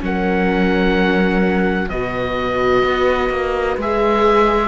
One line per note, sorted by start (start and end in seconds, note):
0.00 1.90 F#3
0.00 1.88 C#4
0.00 1.92 A#4
0.00 1.89 F#5
1.89 2.84 B2
1.89 3.81 F#4
1.89 4.69 B4
1.89 3.77 D#5
2.84 3.30 B3
3.30 3.77 A#3
3.77 4.69 G#3
3.77 4.69 G#4
3.77 4.69 E5